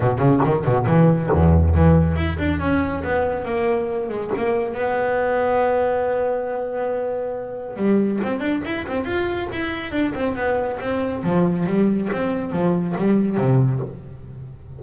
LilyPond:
\new Staff \with { instrumentName = "double bass" } { \time 4/4 \tempo 4 = 139 b,8 cis8 dis8 b,8 e4 e,4 | e4 e'8 d'8 cis'4 b4 | ais4. gis8 ais4 b4~ | b1~ |
b2 g4 c'8 d'8 | e'8 c'8 f'4 e'4 d'8 c'8 | b4 c'4 f4 g4 | c'4 f4 g4 c4 | }